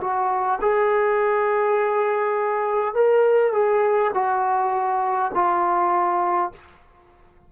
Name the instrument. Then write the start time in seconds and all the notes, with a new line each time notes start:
trombone
0.00 F#4
0.61 G#4
2.94 A#4
3.52 G#4
4.13 F#4
5.34 F4